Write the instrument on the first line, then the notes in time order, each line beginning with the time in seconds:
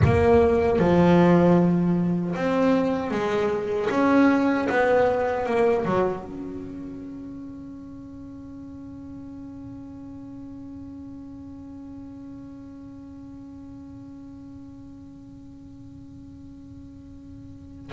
double bass
0.04 A#3
0.79 F3
2.35 C4
3.11 G#3
3.90 C#4
4.69 B3
5.45 A#3
5.85 F#3
6.23 C#4